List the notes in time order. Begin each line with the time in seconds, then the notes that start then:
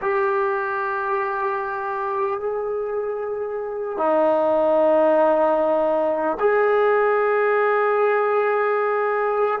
0.01 G4
2.40 G#4
3.97 D#4
6.39 G#4